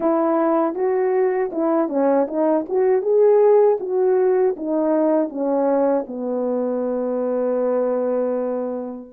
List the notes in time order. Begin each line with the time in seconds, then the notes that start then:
0.00 E4
0.75 F#4
1.52 E4
1.88 C#4
2.28 D#4
2.69 F#4
3.02 G#4
3.79 F#4
4.56 D#4
5.29 C#4
6.07 B3